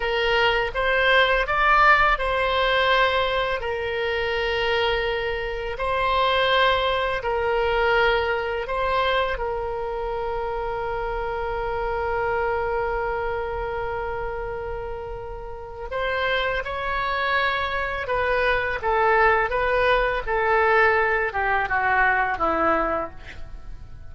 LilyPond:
\new Staff \with { instrumentName = "oboe" } { \time 4/4 \tempo 4 = 83 ais'4 c''4 d''4 c''4~ | c''4 ais'2. | c''2 ais'2 | c''4 ais'2.~ |
ais'1~ | ais'2 c''4 cis''4~ | cis''4 b'4 a'4 b'4 | a'4. g'8 fis'4 e'4 | }